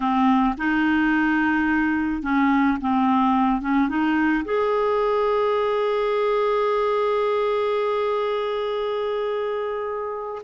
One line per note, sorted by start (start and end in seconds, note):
0.00 0.55 C4
0.57 2.22 D#4
2.22 2.78 C#4
2.80 3.61 C4
3.61 3.89 C#4
3.89 4.44 D#4
4.44 10.42 G#4